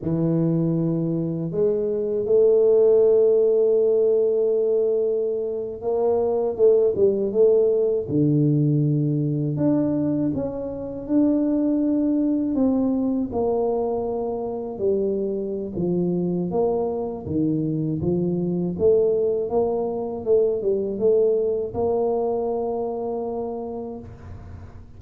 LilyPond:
\new Staff \with { instrumentName = "tuba" } { \time 4/4 \tempo 4 = 80 e2 gis4 a4~ | a2.~ a8. ais16~ | ais8. a8 g8 a4 d4~ d16~ | d8. d'4 cis'4 d'4~ d'16~ |
d'8. c'4 ais2 g16~ | g4 f4 ais4 dis4 | f4 a4 ais4 a8 g8 | a4 ais2. | }